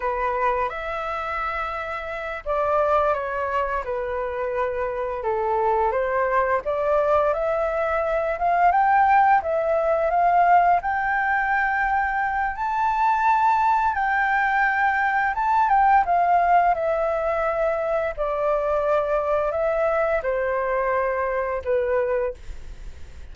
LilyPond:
\new Staff \with { instrumentName = "flute" } { \time 4/4 \tempo 4 = 86 b'4 e''2~ e''8 d''8~ | d''8 cis''4 b'2 a'8~ | a'8 c''4 d''4 e''4. | f''8 g''4 e''4 f''4 g''8~ |
g''2 a''2 | g''2 a''8 g''8 f''4 | e''2 d''2 | e''4 c''2 b'4 | }